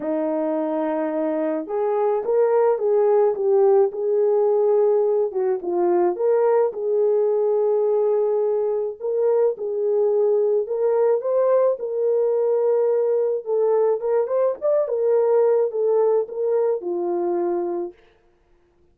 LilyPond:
\new Staff \with { instrumentName = "horn" } { \time 4/4 \tempo 4 = 107 dis'2. gis'4 | ais'4 gis'4 g'4 gis'4~ | gis'4. fis'8 f'4 ais'4 | gis'1 |
ais'4 gis'2 ais'4 | c''4 ais'2. | a'4 ais'8 c''8 d''8 ais'4. | a'4 ais'4 f'2 | }